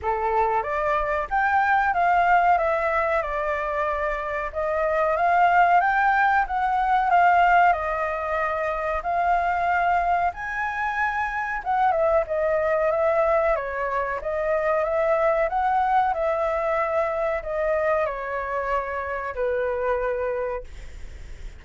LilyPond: \new Staff \with { instrumentName = "flute" } { \time 4/4 \tempo 4 = 93 a'4 d''4 g''4 f''4 | e''4 d''2 dis''4 | f''4 g''4 fis''4 f''4 | dis''2 f''2 |
gis''2 fis''8 e''8 dis''4 | e''4 cis''4 dis''4 e''4 | fis''4 e''2 dis''4 | cis''2 b'2 | }